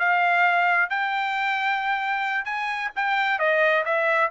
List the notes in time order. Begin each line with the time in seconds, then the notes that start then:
0.00 F5
0.90 G5
2.45 G#5
2.96 G5
3.39 D#5
3.85 E5